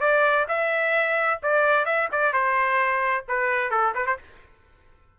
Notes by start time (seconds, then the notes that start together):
0.00 D5
0.48 E5
1.42 D5
1.85 E5
2.12 D5
2.33 C5
3.28 B4
3.70 A4
3.95 B4
4.06 C5